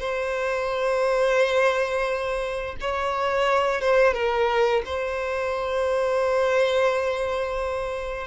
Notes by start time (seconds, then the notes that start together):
0.00 C5
2.81 C#5
3.81 C5
4.13 A#4
4.86 C5